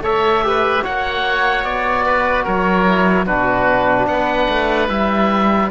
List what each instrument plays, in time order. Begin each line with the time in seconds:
0.00 cello A3, trombone A4, oboe C#5 E5
0.43 trombone G4, oboe B4
0.82 cello A#3, trombone F#4, oboe C#5 F#5
1.64 cello B3, oboe D5
2.05 oboe B4
2.44 cello F#3, oboe A#4 C#5
2.86 trombone E4
3.26 cello B2, trombone D4, oboe F#4 B4
4.07 cello B3, oboe B4 F#5
4.49 cello A3
4.88 cello G3, trombone E4, oboe E5